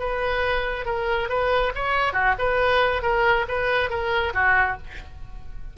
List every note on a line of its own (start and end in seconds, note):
0.00 0.86 B4
0.86 1.29 A#4
1.29 1.73 B4
1.75 2.13 C#5
2.13 2.35 F#4
2.39 3.03 B4
3.03 3.46 A#4
3.49 3.90 B4
3.90 4.34 A#4
4.34 4.78 F#4